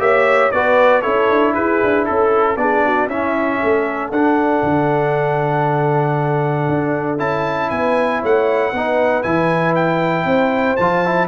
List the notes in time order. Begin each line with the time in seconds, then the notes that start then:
0.00 A#3 G4 C#5 E5
0.52 B3 F#4 B4 D5
1.02 C#4 E4 A4 C#5
1.31 D4
1.54 E4 G#4 B4
1.83 D4
2.06 C#4 A4
2.57 B3 D4 G#4 D5
2.86 F#4
3.07 C#4 E4 E5
3.63 A3 A4
4.11 D4 F#5
4.63 D3
6.69 D4
7.19 C#4 E4 A5
7.70 B3 B4 G#5
8.21 A3 C#5 F#5
8.73 B3 D#4 B4
9.23 E3 E4 G#5
9.76 G5
10.25 C4 C5
10.77 F3 F4 A5
11.05 E4